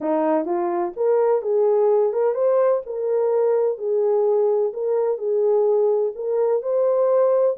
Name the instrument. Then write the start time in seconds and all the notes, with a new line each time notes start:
horn
0.00 D#4
0.45 F4
0.96 A#4
1.42 G#4
2.12 A#4
2.34 C5
2.86 A#4
3.78 G#4
4.73 A#4
5.18 G#4
6.15 A#4
6.62 C5